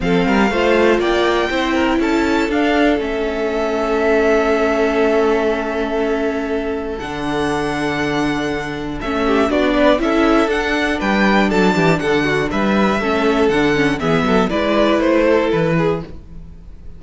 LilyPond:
<<
  \new Staff \with { instrumentName = "violin" } { \time 4/4 \tempo 4 = 120 f''2 g''2 | a''4 f''4 e''2~ | e''1~ | e''2 fis''2~ |
fis''2 e''4 d''4 | e''4 fis''4 g''4 a''4 | fis''4 e''2 fis''4 | e''4 d''4 c''4 b'4 | }
  \new Staff \with { instrumentName = "violin" } { \time 4/4 a'8 ais'8 c''4 d''4 c''8 ais'8 | a'1~ | a'1~ | a'1~ |
a'2~ a'8 g'8 fis'8 b'8 | a'2 b'4 a'8 g'8 | a'8 fis'8 b'4 a'2 | gis'8 a'8 b'4. a'4 gis'8 | }
  \new Staff \with { instrumentName = "viola" } { \time 4/4 c'4 f'2 e'4~ | e'4 d'4 cis'2~ | cis'1~ | cis'2 d'2~ |
d'2 cis'4 d'4 | e'4 d'2.~ | d'2 cis'4 d'8 cis'8 | b4 e'2. | }
  \new Staff \with { instrumentName = "cello" } { \time 4/4 f8 g8 a4 ais4 c'4 | cis'4 d'4 a2~ | a1~ | a2 d2~ |
d2 a4 b4 | cis'4 d'4 g4 fis8 e8 | d4 g4 a4 d4 | e8 fis8 gis4 a4 e4 | }
>>